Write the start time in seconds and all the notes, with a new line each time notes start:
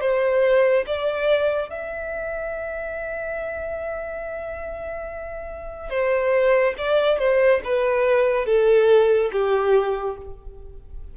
0.00 C5
0.86 D5
1.69 E5
5.89 C5
6.78 D5
7.18 C5
7.64 B4
8.45 A4
9.32 G4